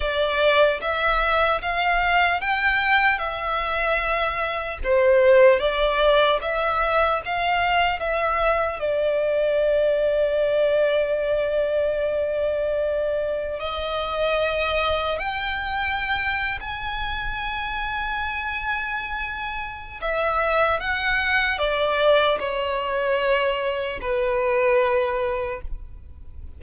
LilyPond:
\new Staff \with { instrumentName = "violin" } { \time 4/4 \tempo 4 = 75 d''4 e''4 f''4 g''4 | e''2 c''4 d''4 | e''4 f''4 e''4 d''4~ | d''1~ |
d''4 dis''2 g''4~ | g''8. gis''2.~ gis''16~ | gis''4 e''4 fis''4 d''4 | cis''2 b'2 | }